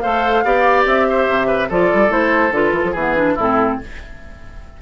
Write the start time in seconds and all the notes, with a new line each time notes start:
0.00 A3 A4 C5 F5
0.44 B3 G4 D5
0.85 C4 E5
1.09 C5
1.29 C3
1.47 B4
1.69 F3 F4 A4 D5
1.93 G3
2.08 A3 E4 C5
2.51 D3 F4 B4
2.73 E3 A4
2.84 F3
2.91 E3 B3 G#4 B4
3.16 D4
3.35 A2 C4 E4 A4